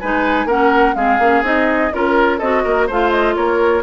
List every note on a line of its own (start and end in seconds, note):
0.00 0.45 G#3
0.00 0.49 D#4
0.00 0.46 B4
0.00 0.48 G#5
0.45 0.93 A#3
0.45 0.96 C#4
0.45 0.94 A#4
0.45 0.95 F#5
0.95 1.19 G#3
0.95 1.20 C4
0.95 1.93 G#4
0.95 1.43 F5
1.19 1.42 A#3
1.19 1.43 C#4
1.42 1.90 C4
1.42 1.91 D#4
1.42 1.93 D#5
1.92 2.41 C#4
1.92 2.40 F4
1.92 2.39 A#4
1.92 2.38 A#4
2.38 2.65 C4
2.38 2.90 F#4
2.38 2.62 A4
2.38 2.87 D#5
2.64 2.89 A#3
2.64 2.87 A#4
2.87 3.36 A3
2.87 3.83 F4
2.87 3.35 C5
2.87 3.11 F5
3.11 3.35 D#5
3.35 3.83 A#3
3.35 3.83 A#4
3.35 3.83 C#5